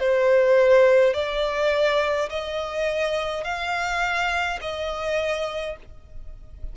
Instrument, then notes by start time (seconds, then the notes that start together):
violin
0.00 C5
1.14 D5
2.30 D#5
3.44 F5
4.62 D#5